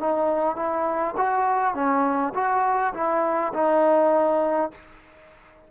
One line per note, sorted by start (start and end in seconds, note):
0.00 0.56 D#4
0.56 1.15 E4
1.17 1.75 F#4
1.75 2.34 C#4
2.35 2.94 F#4
2.94 3.53 E4
3.54 4.72 D#4